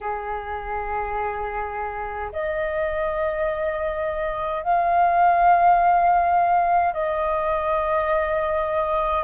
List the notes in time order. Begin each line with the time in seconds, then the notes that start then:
0.00 G#4
2.32 D#5
4.63 F5
6.93 D#5